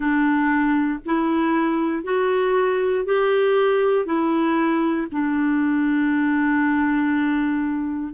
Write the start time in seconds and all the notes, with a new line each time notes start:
0.00 D4
1.05 E4
2.03 F#4
3.05 G4
4.05 E4
5.11 D4